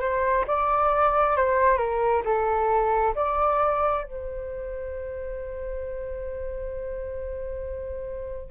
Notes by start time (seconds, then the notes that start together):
0.00 C5
0.47 D5
1.36 C5
1.77 A#4
2.25 A4
3.15 D5
4.04 C5